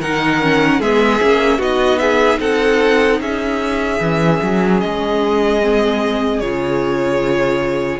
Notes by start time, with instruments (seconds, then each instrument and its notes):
0.00 cello D#3, viola D#4, violin A#4 F#5
0.42 viola C#4
0.80 cello G#3, viola B3, violin G#4 E5
1.21 cello A#3, viola C#4
1.58 cello B3, viola D#4, violin F#4 D#5
1.98 violin G#4 E5
2.39 cello C4, violin A4 F#5
3.20 cello C#4, violin G#4 E5
4.00 cello E3, viola C#4
4.42 cello F#3
4.80 cello G#3, violin D#5
5.61 viola C4
6.40 cello C#3, viola F4, violin C#5